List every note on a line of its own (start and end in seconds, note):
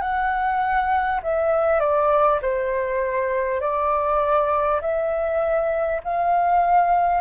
0.00 1.20 F#5
1.23 1.79 E5
1.79 2.39 D5
2.41 3.60 C5
3.60 4.80 D5
4.81 6.01 E5
6.03 7.21 F5